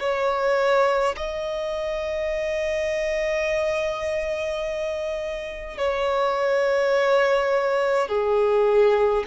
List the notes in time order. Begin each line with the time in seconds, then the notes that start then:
0.00 C#5
1.16 D#5
5.78 C#5
8.08 G#4